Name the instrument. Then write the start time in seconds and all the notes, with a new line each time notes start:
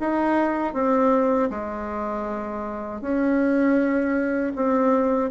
bassoon
0.00 D#4
0.74 C4
1.50 G#3
3.01 C#4
4.56 C4